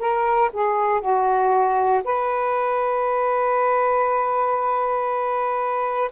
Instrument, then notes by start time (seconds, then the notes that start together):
saxophone
0.00 A#4
0.53 G#4
1.01 F#4
2.04 B4